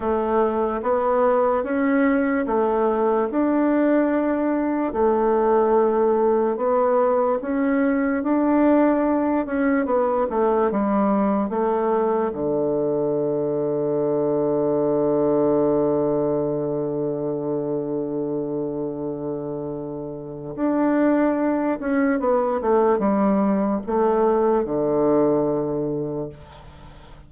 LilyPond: \new Staff \with { instrumentName = "bassoon" } { \time 4/4 \tempo 4 = 73 a4 b4 cis'4 a4 | d'2 a2 | b4 cis'4 d'4. cis'8 | b8 a8 g4 a4 d4~ |
d1~ | d1~ | d4 d'4. cis'8 b8 a8 | g4 a4 d2 | }